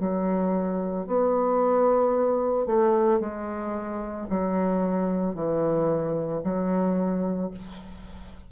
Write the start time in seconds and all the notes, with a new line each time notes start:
0.00 F#3
1.07 B3
2.67 A3
3.20 G#3
4.30 F#3
5.35 E3
6.44 F#3